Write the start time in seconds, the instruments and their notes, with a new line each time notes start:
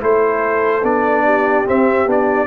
0.00 tuba A3, trombone E4, horn A4, trumpet C5
0.83 tuba B3, trombone D4, trumpet D5
1.24 horn G4
1.65 trombone C4, tuba C4, trumpet E5
2.06 tuba B3, trombone D4, trumpet D5